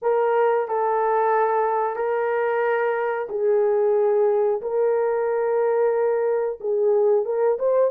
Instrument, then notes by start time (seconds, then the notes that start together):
horn
0.02 A#4
0.67 A4
1.96 A#4
3.29 G#4
4.61 A#4
6.60 G#4
7.25 A#4
7.58 C5